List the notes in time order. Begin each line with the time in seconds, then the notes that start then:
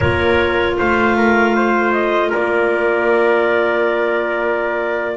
0.00 A#3 F4 A#4 C#5
0.77 A3 C5 F5
1.17 A#4
1.55 C5
1.92 D#5
2.29 A#3 A#4 D5